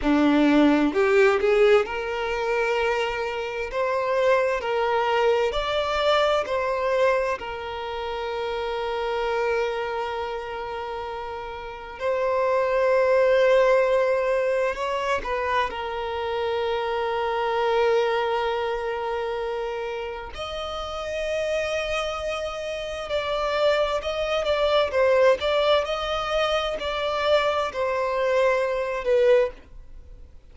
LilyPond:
\new Staff \with { instrumentName = "violin" } { \time 4/4 \tempo 4 = 65 d'4 g'8 gis'8 ais'2 | c''4 ais'4 d''4 c''4 | ais'1~ | ais'4 c''2. |
cis''8 b'8 ais'2.~ | ais'2 dis''2~ | dis''4 d''4 dis''8 d''8 c''8 d''8 | dis''4 d''4 c''4. b'8 | }